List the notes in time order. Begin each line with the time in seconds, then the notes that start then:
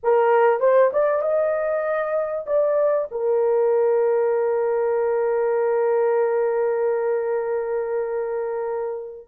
0.03 A#4
0.60 C5
0.93 D5
1.21 D#5
2.46 D5
3.11 A#4